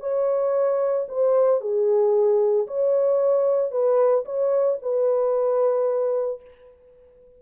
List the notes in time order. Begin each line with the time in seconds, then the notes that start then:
0.00 C#5
1.08 C5
1.60 G#4
2.67 C#5
3.71 B4
4.25 C#5
4.82 B4